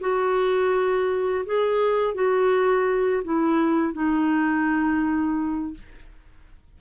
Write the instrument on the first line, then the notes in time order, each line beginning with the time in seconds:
clarinet
0.00 F#4
1.45 G#4
2.14 F#4
3.24 E4
3.93 D#4